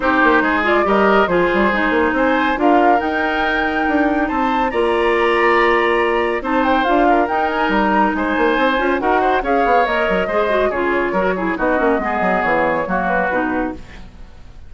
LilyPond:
<<
  \new Staff \with { instrumentName = "flute" } { \time 4/4 \tempo 4 = 140 c''4. d''8 dis''4 c''4~ | c''4 gis''4 f''4 g''4~ | g''2 a''4 ais''4~ | ais''2. a''8 g''8 |
f''4 g''8 gis''8 ais''4 gis''4~ | gis''4 fis''4 f''4 dis''4~ | dis''4 cis''2 dis''4~ | dis''4 cis''4. b'4. | }
  \new Staff \with { instrumentName = "oboe" } { \time 4/4 g'4 gis'4 ais'4 gis'4~ | gis'4 c''4 ais'2~ | ais'2 c''4 d''4~ | d''2. c''4~ |
c''8 ais'2~ ais'8 c''4~ | c''4 ais'8 c''8 cis''2 | c''4 gis'4 ais'8 gis'8 fis'4 | gis'2 fis'2 | }
  \new Staff \with { instrumentName = "clarinet" } { \time 4/4 dis'4. f'8 g'4 f'4 | dis'2 f'4 dis'4~ | dis'2. f'4~ | f'2. dis'4 |
f'4 dis'2.~ | dis'8 f'8 fis'4 gis'4 ais'4 | gis'8 fis'8 f'4 fis'8 e'8 dis'8 cis'8 | b2 ais4 dis'4 | }
  \new Staff \with { instrumentName = "bassoon" } { \time 4/4 c'8 ais8 gis4 g4 f8 g8 | gis8 ais8 c'4 d'4 dis'4~ | dis'4 d'4 c'4 ais4~ | ais2. c'4 |
d'4 dis'4 g4 gis8 ais8 | c'8 cis'8 dis'4 cis'8 b8 ais8 fis8 | gis4 cis4 fis4 b8 ais8 | gis8 fis8 e4 fis4 b,4 | }
>>